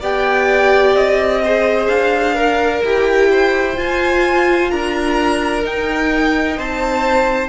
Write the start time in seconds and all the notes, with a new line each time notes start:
0.00 B3 G4 D5 G5
0.95 C4 D#5
1.44 G#4 C5
1.88 D4 F5
2.34 A#4
2.83 E4 G4 G5
3.30 C5
3.75 F4 G#5
4.70 D4 A#4 A#5
5.62 D#4 G5
6.57 C4 C5 A5